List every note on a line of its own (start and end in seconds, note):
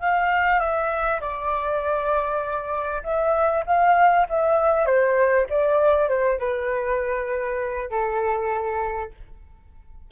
0.00 0.60 F5
0.60 1.20 E5
1.21 3.02 D5
3.04 3.64 E5
3.66 4.27 F5
4.29 4.86 E5
4.86 5.47 C5
5.49 6.09 D5
6.09 6.39 C5
6.39 7.90 B4
7.90 9.11 A4